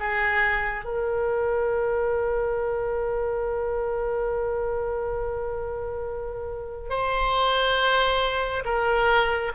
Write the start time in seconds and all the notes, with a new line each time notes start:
0.00 G#4
0.85 A#4
6.90 C5
8.65 A#4